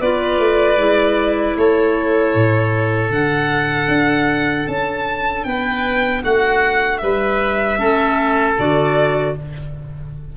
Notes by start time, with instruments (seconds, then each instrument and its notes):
0.00 tuba B3, clarinet F4, oboe B4, violin D5
0.38 tuba A3
0.77 tuba G#3, clarinet E4
1.56 tuba A3, oboe A4, violin C#5
2.34 tuba A2
3.10 tuba D3, clarinet D4, violin F#5
3.88 tuba D4
4.67 tuba C#4, violin A5
5.44 tuba B3, oboe B4, violin G5
6.22 tuba A3, oboe F#4, violin F#5
6.98 tuba G3, oboe B4, violin E5
7.78 tuba A3, clarinet C#4, oboe A4
8.58 tuba D3, clarinet F#4, violin D5